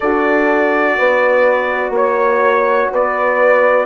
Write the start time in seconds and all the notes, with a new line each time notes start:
0.00 D4 F#4 A4 D5
0.97 B3 B4
1.90 A#3 C#5
2.91 B3 B4 D5